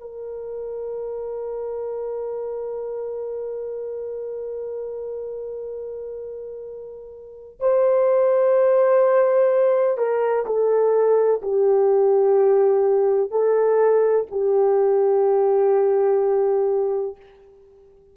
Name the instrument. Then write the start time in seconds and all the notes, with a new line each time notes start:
horn
0.00 A#4
7.60 C5
9.98 A#4
10.46 A4
11.42 G4
13.31 A4
14.31 G4